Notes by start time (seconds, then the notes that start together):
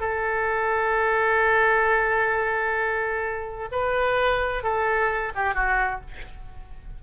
0.00 A4
3.72 B4
4.63 A4
5.35 G4
5.54 F#4